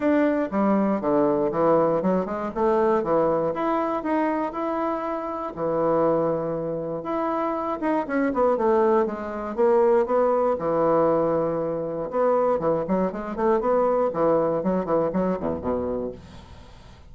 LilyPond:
\new Staff \with { instrumentName = "bassoon" } { \time 4/4 \tempo 4 = 119 d'4 g4 d4 e4 | fis8 gis8 a4 e4 e'4 | dis'4 e'2 e4~ | e2 e'4. dis'8 |
cis'8 b8 a4 gis4 ais4 | b4 e2. | b4 e8 fis8 gis8 a8 b4 | e4 fis8 e8 fis8 e,8 b,4 | }